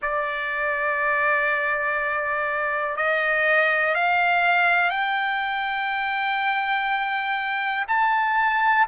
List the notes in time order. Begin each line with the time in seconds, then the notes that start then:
0.02 D5
2.96 D#5
3.94 F5
4.90 G5
7.87 A5